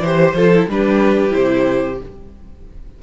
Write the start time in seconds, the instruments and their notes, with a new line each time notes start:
0.00 cello E3, viola G4, violin C5
0.34 cello F3, viola F4, violin A4
0.54 viola E4
0.67 cello G3, viola D4, violin G4 B4
1.30 cello C3, viola E4, violin C5